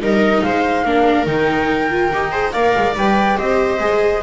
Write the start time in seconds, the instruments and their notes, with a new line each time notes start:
0.00 double bass G3, viola D#4 A#4, flute D#5
0.43 double bass G#3, viola C5, flute F5
0.85 double bass A#3, viola D4 A#4
1.26 double bass D#3, viola D#4, flute G5
1.90 viola F4
2.12 double bass D#4, viola G4
2.31 viola G#4 C5
2.52 double bass A#3, viola A#4 D5, flute F5
2.77 double bass G#3
2.95 double bass G3, viola B4, flute G5
3.36 double bass C4, viola G4 C5, flute D#5
3.80 double bass G#3, viola G#4